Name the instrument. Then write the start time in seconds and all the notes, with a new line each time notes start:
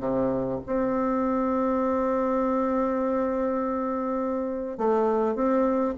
bassoon
0.00 C3
0.66 C4
4.78 A3
5.35 C4